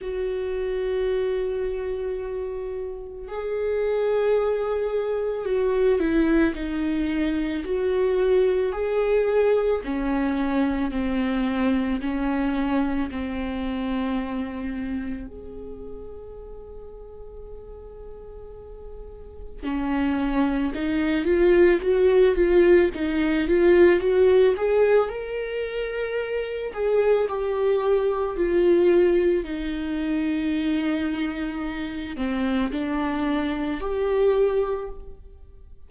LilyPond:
\new Staff \with { instrumentName = "viola" } { \time 4/4 \tempo 4 = 55 fis'2. gis'4~ | gis'4 fis'8 e'8 dis'4 fis'4 | gis'4 cis'4 c'4 cis'4 | c'2 gis'2~ |
gis'2 cis'4 dis'8 f'8 | fis'8 f'8 dis'8 f'8 fis'8 gis'8 ais'4~ | ais'8 gis'8 g'4 f'4 dis'4~ | dis'4. c'8 d'4 g'4 | }